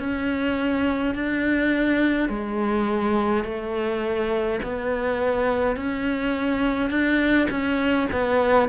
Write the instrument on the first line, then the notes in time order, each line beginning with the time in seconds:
cello
0.00 C#4
1.15 D4
2.29 G#3
3.45 A3
4.63 B3
5.76 C#4
6.90 D4
7.51 C#4
8.12 B3